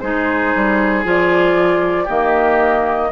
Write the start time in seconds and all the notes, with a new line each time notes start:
0.00 G#3 D#4 G#4 C5
0.55 G3
1.03 F3 F4 D5
2.04 D#3 A#3 G4 D#5